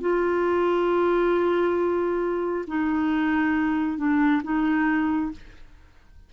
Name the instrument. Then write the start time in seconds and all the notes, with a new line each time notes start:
clarinet
0.00 F4
2.67 D#4
3.97 D4
4.43 D#4